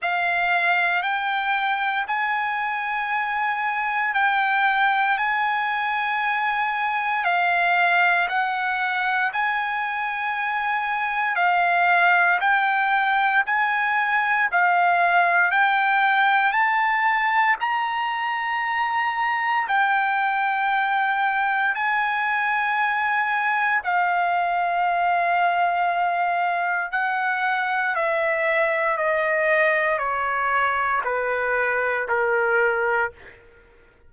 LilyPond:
\new Staff \with { instrumentName = "trumpet" } { \time 4/4 \tempo 4 = 58 f''4 g''4 gis''2 | g''4 gis''2 f''4 | fis''4 gis''2 f''4 | g''4 gis''4 f''4 g''4 |
a''4 ais''2 g''4~ | g''4 gis''2 f''4~ | f''2 fis''4 e''4 | dis''4 cis''4 b'4 ais'4 | }